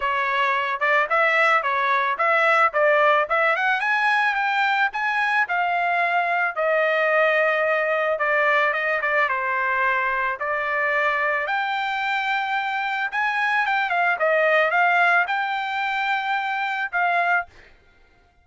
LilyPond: \new Staff \with { instrumentName = "trumpet" } { \time 4/4 \tempo 4 = 110 cis''4. d''8 e''4 cis''4 | e''4 d''4 e''8 fis''8 gis''4 | g''4 gis''4 f''2 | dis''2. d''4 |
dis''8 d''8 c''2 d''4~ | d''4 g''2. | gis''4 g''8 f''8 dis''4 f''4 | g''2. f''4 | }